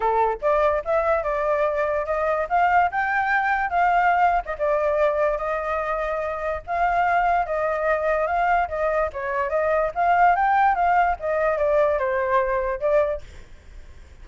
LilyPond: \new Staff \with { instrumentName = "flute" } { \time 4/4 \tempo 4 = 145 a'4 d''4 e''4 d''4~ | d''4 dis''4 f''4 g''4~ | g''4 f''4.~ f''16 dis''16 d''4~ | d''4 dis''2. |
f''2 dis''2 | f''4 dis''4 cis''4 dis''4 | f''4 g''4 f''4 dis''4 | d''4 c''2 d''4 | }